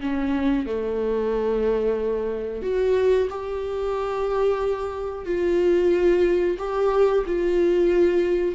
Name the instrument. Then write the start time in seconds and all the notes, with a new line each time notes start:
viola
0.00 C#4
0.66 A3
2.62 F#4
3.30 G4
5.25 F4
6.58 G4
7.26 F4